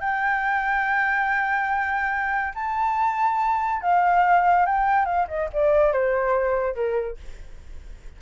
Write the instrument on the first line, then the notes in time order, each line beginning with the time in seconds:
flute
0.00 G5
2.54 A5
3.81 F5
4.66 G5
5.05 F5
5.28 D#5
5.53 D5
5.93 C5
6.75 A#4